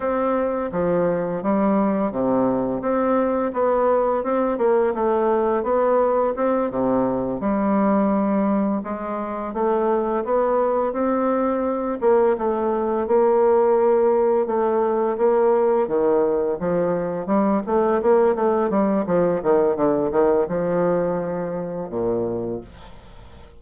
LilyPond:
\new Staff \with { instrumentName = "bassoon" } { \time 4/4 \tempo 4 = 85 c'4 f4 g4 c4 | c'4 b4 c'8 ais8 a4 | b4 c'8 c4 g4.~ | g8 gis4 a4 b4 c'8~ |
c'4 ais8 a4 ais4.~ | ais8 a4 ais4 dis4 f8~ | f8 g8 a8 ais8 a8 g8 f8 dis8 | d8 dis8 f2 ais,4 | }